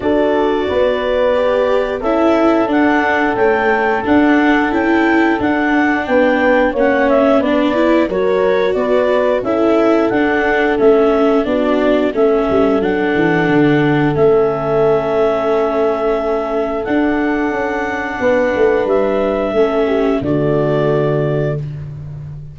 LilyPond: <<
  \new Staff \with { instrumentName = "clarinet" } { \time 4/4 \tempo 4 = 89 d''2. e''4 | fis''4 g''4 fis''4 g''4 | fis''4 g''4 fis''8 e''8 d''4 | cis''4 d''4 e''4 fis''4 |
e''4 d''4 e''4 fis''4~ | fis''4 e''2.~ | e''4 fis''2. | e''2 d''2 | }
  \new Staff \with { instrumentName = "horn" } { \time 4/4 a'4 b'2 a'4~ | a'1~ | a'4 b'4 cis''4 b'4 | ais'4 b'4 a'2~ |
a'4 fis'4 a'2~ | a'1~ | a'2. b'4~ | b'4 a'8 g'8 fis'2 | }
  \new Staff \with { instrumentName = "viola" } { \time 4/4 fis'2 g'4 e'4 | d'4 a4 d'4 e'4 | d'2 cis'4 d'8 e'8 | fis'2 e'4 d'4 |
cis'4 d'4 cis'4 d'4~ | d'4 cis'2.~ | cis'4 d'2.~ | d'4 cis'4 a2 | }
  \new Staff \with { instrumentName = "tuba" } { \time 4/4 d'4 b2 cis'4 | d'4 cis'4 d'4 cis'4 | d'4 b4 ais4 b4 | fis4 b4 cis'4 d'4 |
a4 b4 a8 g8 fis8 e8 | d4 a2.~ | a4 d'4 cis'4 b8 a8 | g4 a4 d2 | }
>>